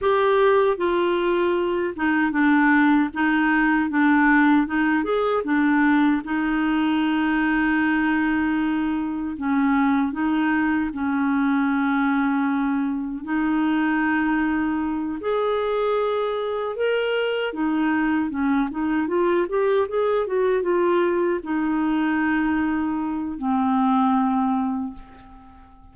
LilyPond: \new Staff \with { instrumentName = "clarinet" } { \time 4/4 \tempo 4 = 77 g'4 f'4. dis'8 d'4 | dis'4 d'4 dis'8 gis'8 d'4 | dis'1 | cis'4 dis'4 cis'2~ |
cis'4 dis'2~ dis'8 gis'8~ | gis'4. ais'4 dis'4 cis'8 | dis'8 f'8 g'8 gis'8 fis'8 f'4 dis'8~ | dis'2 c'2 | }